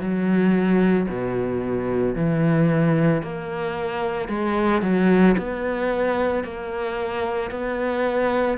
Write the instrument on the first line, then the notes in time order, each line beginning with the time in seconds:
cello
0.00 F#3
1.09 B2
2.15 E3
3.23 A#3
4.29 G#3
4.82 F#3
5.38 B3
6.44 A#3
7.51 B3